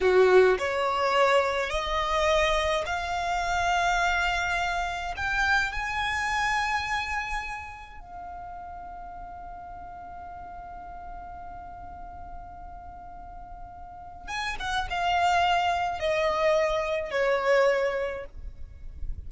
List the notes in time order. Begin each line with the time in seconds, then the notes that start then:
0.00 F#4
0.58 C#5
1.70 D#5
2.86 F5
5.16 G5
5.72 G#5
8.00 F5
14.27 G#5
14.59 F#5
14.90 F5
15.99 D#5
17.10 C#5